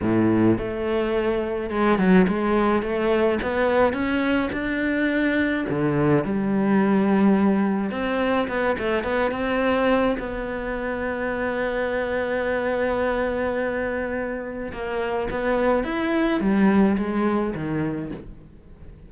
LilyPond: \new Staff \with { instrumentName = "cello" } { \time 4/4 \tempo 4 = 106 a,4 a2 gis8 fis8 | gis4 a4 b4 cis'4 | d'2 d4 g4~ | g2 c'4 b8 a8 |
b8 c'4. b2~ | b1~ | b2 ais4 b4 | e'4 g4 gis4 dis4 | }